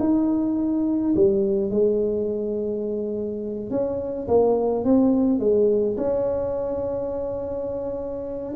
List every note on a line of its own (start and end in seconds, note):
0.00 1.14 D#4
1.16 1.71 G3
1.71 3.70 G#3
3.70 4.28 C#4
4.28 4.85 A#3
4.85 5.40 C4
5.40 5.97 G#3
5.97 8.55 C#4